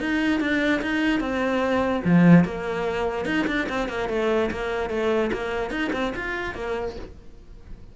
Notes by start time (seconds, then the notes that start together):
0.00 D#4
0.40 D4
0.81 D#4
1.20 C4
2.05 F3
2.44 A#3
3.25 D#4
3.47 D4
3.69 C4
3.88 A#3
4.09 A3
4.51 A#3
4.90 A3
5.32 A#3
5.70 D#4
5.93 C4
6.16 F4
6.55 A#3